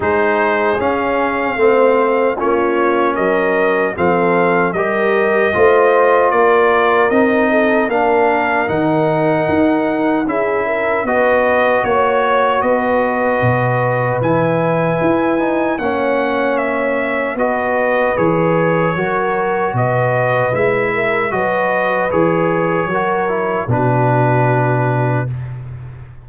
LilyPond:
<<
  \new Staff \with { instrumentName = "trumpet" } { \time 4/4 \tempo 4 = 76 c''4 f''2 cis''4 | dis''4 f''4 dis''2 | d''4 dis''4 f''4 fis''4~ | fis''4 e''4 dis''4 cis''4 |
dis''2 gis''2 | fis''4 e''4 dis''4 cis''4~ | cis''4 dis''4 e''4 dis''4 | cis''2 b'2 | }
  \new Staff \with { instrumentName = "horn" } { \time 4/4 gis'2 c''4 f'4 | ais'4 a'4 ais'4 c''4 | ais'4. a'8 ais'2~ | ais'4 gis'8 ais'8 b'4 cis''4 |
b'1 | cis''2 b'2 | ais'4 b'4. ais'8 b'4~ | b'4 ais'4 fis'2 | }
  \new Staff \with { instrumentName = "trombone" } { \time 4/4 dis'4 cis'4 c'4 cis'4~ | cis'4 c'4 g'4 f'4~ | f'4 dis'4 d'4 dis'4~ | dis'4 e'4 fis'2~ |
fis'2 e'4. dis'8 | cis'2 fis'4 gis'4 | fis'2 e'4 fis'4 | gis'4 fis'8 e'8 d'2 | }
  \new Staff \with { instrumentName = "tuba" } { \time 4/4 gis4 cis'4 a4 ais4 | fis4 f4 g4 a4 | ais4 c'4 ais4 dis4 | dis'4 cis'4 b4 ais4 |
b4 b,4 e4 e'4 | ais2 b4 e4 | fis4 b,4 gis4 fis4 | e4 fis4 b,2 | }
>>